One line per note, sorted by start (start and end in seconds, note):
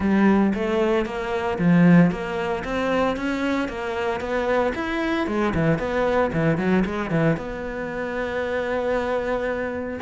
0.00 0.53 G3
0.54 1.05 A3
1.05 1.58 A#3
1.58 2.11 F3
2.11 2.63 A#3
2.64 3.16 C4
3.16 3.68 C#4
3.68 4.20 A#3
4.20 4.72 B3
4.74 5.27 E4
5.27 5.53 G#3
5.54 5.78 E3
5.78 6.31 B3
6.32 6.57 E3
6.57 6.84 F#3
6.85 7.10 G#3
7.10 7.36 E3
7.37 10.00 B3